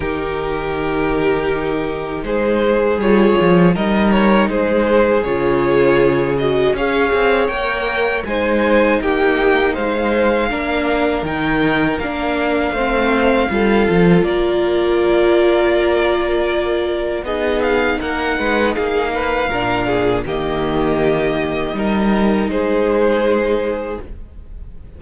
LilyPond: <<
  \new Staff \with { instrumentName = "violin" } { \time 4/4 \tempo 4 = 80 ais'2. c''4 | cis''4 dis''8 cis''8 c''4 cis''4~ | cis''8 dis''8 f''4 g''4 gis''4 | g''4 f''2 g''4 |
f''2. d''4~ | d''2. dis''8 f''8 | fis''4 f''2 dis''4~ | dis''2 c''2 | }
  \new Staff \with { instrumentName = "violin" } { \time 4/4 g'2. gis'4~ | gis'4 ais'4 gis'2~ | gis'4 cis''2 c''4 | g'4 c''4 ais'2~ |
ais'4 c''4 a'4 ais'4~ | ais'2. gis'4 | ais'8 b'8 gis'8 b'8 ais'8 gis'8 g'4~ | g'4 ais'4 gis'2 | }
  \new Staff \with { instrumentName = "viola" } { \time 4/4 dis'1 | f'4 dis'2 f'4~ | f'8 fis'8 gis'4 ais'4 dis'4~ | dis'2 d'4 dis'4 |
d'4 c'4 f'2~ | f'2. dis'4~ | dis'2 d'4 ais4~ | ais4 dis'2. | }
  \new Staff \with { instrumentName = "cello" } { \time 4/4 dis2. gis4 | g8 f8 g4 gis4 cis4~ | cis4 cis'8 c'8 ais4 gis4 | ais4 gis4 ais4 dis4 |
ais4 a4 g8 f8 ais4~ | ais2. b4 | ais8 gis8 ais4 ais,4 dis4~ | dis4 g4 gis2 | }
>>